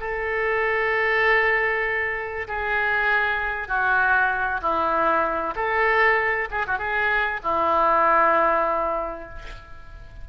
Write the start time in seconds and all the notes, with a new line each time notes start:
0.00 A4
2.48 G#4
3.68 F#4
4.62 E4
5.56 A4
6.51 G#4
6.67 F#4
6.79 G#4
7.43 E4